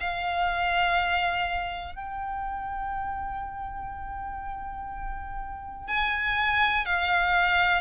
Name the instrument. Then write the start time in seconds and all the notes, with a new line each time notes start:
violin
0.00 F5
1.95 G5
5.87 G#5
6.86 F5